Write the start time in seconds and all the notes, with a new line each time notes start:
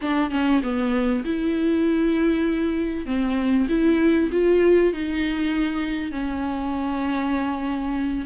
0.01 D4
0.30 C#4
0.62 B3
1.24 E4
3.06 C4
3.68 E4
4.32 F4
4.93 D#4
6.11 C#4